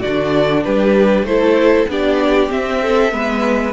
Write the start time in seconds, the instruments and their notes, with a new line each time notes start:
0.00 cello D3, viola D4, violin F#4 D5
0.64 cello G3, violin G4 B4
1.23 cello A3, viola E4, violin A4 C5
1.88 cello B3, viola D4, violin G4 D5
2.49 viola C4, cello C4, violin E5
2.82 violin A4
3.11 cello G#3, viola B3, violin B4